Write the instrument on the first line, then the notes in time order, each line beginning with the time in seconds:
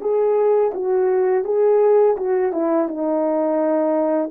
horn
0.00 G#4
0.74 F#4
1.44 G#4
2.17 F#4
2.52 E4
2.88 D#4